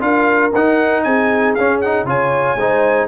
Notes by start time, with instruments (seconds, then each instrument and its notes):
0.00 tuba D4, trombone F4, horn A#4, trumpet F5
0.54 tuba D#4, trombone D#4, trumpet F#5
1.03 tuba C4, horn G#4, trumpet G#5
1.54 tuba C#4, trombone C#4, trumpet F5
1.81 trombone D#4, trumpet F#5
2.04 tuba C#3, trombone F4, horn C#5, trumpet G#5
2.55 tuba G#3, trombone D#4, horn C5